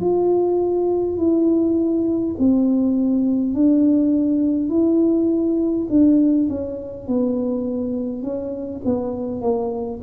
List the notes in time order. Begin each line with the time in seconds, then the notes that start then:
0.00 F4
1.17 E4
2.38 C4
3.54 D4
4.69 E4
5.89 D4
6.49 C#4
7.07 B3
8.22 C#4
8.84 B3
9.41 A#3